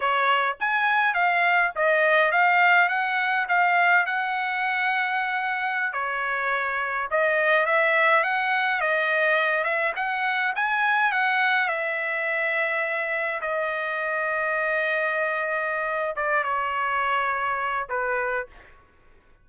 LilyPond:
\new Staff \with { instrumentName = "trumpet" } { \time 4/4 \tempo 4 = 104 cis''4 gis''4 f''4 dis''4 | f''4 fis''4 f''4 fis''4~ | fis''2~ fis''16 cis''4.~ cis''16~ | cis''16 dis''4 e''4 fis''4 dis''8.~ |
dis''8. e''8 fis''4 gis''4 fis''8.~ | fis''16 e''2. dis''8.~ | dis''1 | d''8 cis''2~ cis''8 b'4 | }